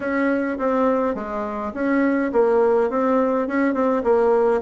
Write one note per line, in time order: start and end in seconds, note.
0.00 0.58 C#4
0.58 1.14 C4
1.14 1.72 G#3
1.73 2.31 C#4
2.32 2.90 A#3
2.90 3.47 C4
3.47 3.73 C#4
3.73 4.02 C4
4.03 4.61 A#3